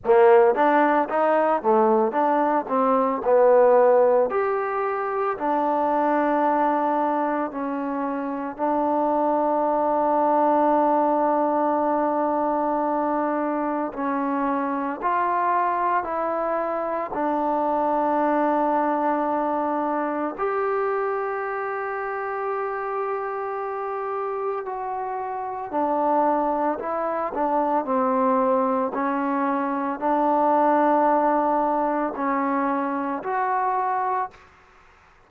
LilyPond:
\new Staff \with { instrumentName = "trombone" } { \time 4/4 \tempo 4 = 56 ais8 d'8 dis'8 a8 d'8 c'8 b4 | g'4 d'2 cis'4 | d'1~ | d'4 cis'4 f'4 e'4 |
d'2. g'4~ | g'2. fis'4 | d'4 e'8 d'8 c'4 cis'4 | d'2 cis'4 fis'4 | }